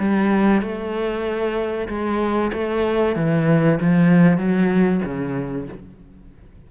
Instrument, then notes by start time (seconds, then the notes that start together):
cello
0.00 G3
0.62 A3
1.89 G#3
2.53 A3
3.16 E3
3.81 F3
4.38 F#3
5.05 C#3